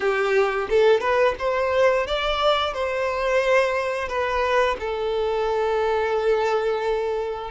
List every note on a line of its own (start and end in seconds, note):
0.00 0.68 G4
0.69 1.00 A4
1.00 1.34 B4
1.38 2.06 C5
2.06 2.73 D5
2.73 4.08 C5
4.08 4.76 B4
4.79 7.50 A4